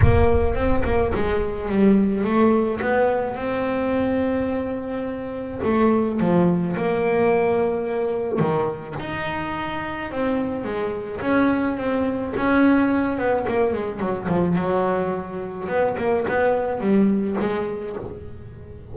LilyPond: \new Staff \with { instrumentName = "double bass" } { \time 4/4 \tempo 4 = 107 ais4 c'8 ais8 gis4 g4 | a4 b4 c'2~ | c'2 a4 f4 | ais2. dis4 |
dis'2 c'4 gis4 | cis'4 c'4 cis'4. b8 | ais8 gis8 fis8 f8 fis2 | b8 ais8 b4 g4 gis4 | }